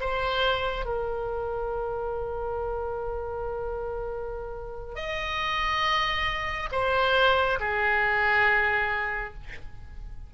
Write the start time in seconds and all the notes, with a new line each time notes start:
0.00 C5
0.85 A#4
4.95 D#5
6.72 C5
7.59 G#4